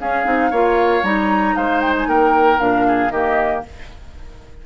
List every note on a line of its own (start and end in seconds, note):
0.00 0.26 C#4
0.00 0.25 C#4
0.00 0.51 G#4
0.00 1.04 F5
0.25 0.52 C4
0.25 0.51 D#4
0.51 1.03 A#3
0.51 1.03 F4
0.51 1.55 C#5
1.03 1.55 G3
1.03 2.58 D#4
1.03 1.56 A#5
1.56 2.07 G#3
1.56 2.08 C5
1.56 1.81 F5
1.81 1.94 G5
1.98 2.09 G#5
2.07 2.59 A#3
2.07 2.87 A#4
2.07 2.59 G5
2.58 3.11 A#2
2.58 3.10 D4
2.58 3.11 F5
2.87 3.12 G#4
3.11 3.63 D#3
3.11 3.66 A#3
3.11 3.64 G4
3.11 3.63 D#5